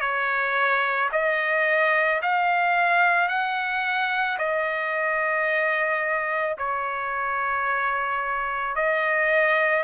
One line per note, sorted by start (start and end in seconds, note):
0.00 1.09 C#5
1.12 2.21 D#5
2.22 3.28 F5
3.28 4.37 F#5
4.38 6.57 D#5
6.58 8.76 C#5
8.76 9.83 D#5